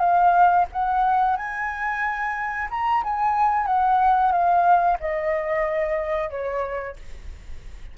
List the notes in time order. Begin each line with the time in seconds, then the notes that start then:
0.00 F5
0.73 F#5
1.37 G#5
2.71 A#5
3.04 G#5
3.67 F#5
4.32 F5
5.00 D#5
6.31 C#5